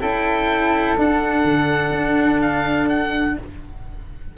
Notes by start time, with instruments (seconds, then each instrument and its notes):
0.00 tuba C#4, cello E4, flute A4, oboe G5
0.97 cello D4, tuba D4, oboe F#5
1.44 tuba D3
1.91 tuba D4
2.41 oboe F5
2.89 oboe F#5